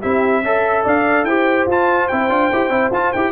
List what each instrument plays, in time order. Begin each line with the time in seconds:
0.00 tuba C4, trombone E4, horn G4, trumpet E5
0.42 tuba C#4, trombone A4, horn E5
0.84 tuba D4, horn D5, trumpet F5
1.24 tuba E4, trombone G4, horn C5, trumpet G5
1.66 tuba F4, trombone F4, trumpet A5
2.07 tuba C4, trombone E4, trumpet G5
2.28 tuba D4, trombone F4
2.52 tuba E4, trombone G4
2.69 tuba C4, trombone E4
2.91 tuba F4, trombone F4, trumpet A5
3.12 tuba E4, trombone G4, trumpet G5